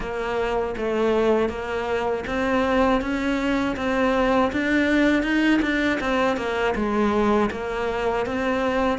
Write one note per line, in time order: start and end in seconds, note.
0.00 0.75 A#3
0.77 1.49 A3
1.49 2.24 A#3
2.26 3.01 C4
3.01 3.76 C#4
3.76 4.51 C4
4.52 5.22 D4
5.22 5.60 D#4
5.61 5.99 D4
6.00 6.36 C4
6.36 6.74 A#3
6.75 7.50 G#3
7.50 8.25 A#3
8.26 8.98 C4